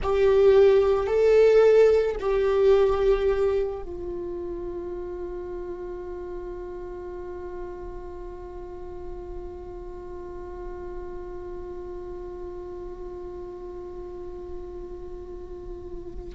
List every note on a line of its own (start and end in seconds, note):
0.02 1.06 G4
1.06 2.15 A4
2.20 3.82 G4
3.82 16.35 F4